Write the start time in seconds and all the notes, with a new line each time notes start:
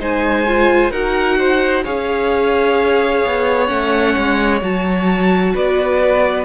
0.00 G#3 D#4 C5 G#5
0.47 F4
0.91 D#4 F#4 A#4 F#5
1.38 C5
1.84 C#4 G#4 C#5 F5
3.26 B3
3.67 A3 C#4 F#5
4.17 G#3
4.62 F#3 F#4 A5
5.54 B3 B4 D5